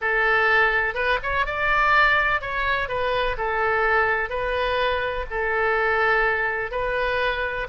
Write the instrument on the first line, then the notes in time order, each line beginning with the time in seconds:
oboe
0.01 A4
0.94 B4
1.22 C#5
1.46 D5
2.41 C#5
2.88 B4
3.37 A4
4.29 B4
5.30 A4
6.71 B4